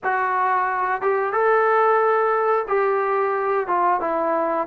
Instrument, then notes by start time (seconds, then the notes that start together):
trombone
0.03 F#4
1.01 G4
1.32 A4
2.68 G4
3.67 F4
4.00 E4